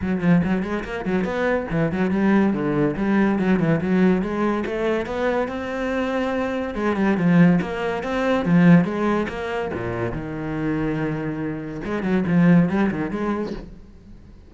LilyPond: \new Staff \with { instrumentName = "cello" } { \time 4/4 \tempo 4 = 142 fis8 f8 fis8 gis8 ais8 fis8 b4 | e8 fis8 g4 d4 g4 | fis8 e8 fis4 gis4 a4 | b4 c'2. |
gis8 g8 f4 ais4 c'4 | f4 gis4 ais4 ais,4 | dis1 | gis8 fis8 f4 g8 dis8 gis4 | }